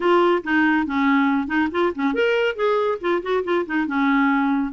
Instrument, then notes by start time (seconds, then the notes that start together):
clarinet
0.00 F4
0.43 D#4
0.86 C#4
1.47 D#4
1.71 F4
1.95 C#4
2.14 A#4
2.55 G#4
3.00 F4
3.22 F#4
3.44 F4
3.65 D#4
3.86 C#4